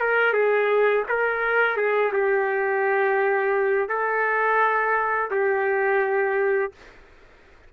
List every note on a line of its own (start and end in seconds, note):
0.00 0.33 A#4
0.33 1.04 G#4
1.08 1.77 A#4
1.77 2.12 G#4
2.13 3.89 G4
3.89 5.30 A4
5.31 6.72 G4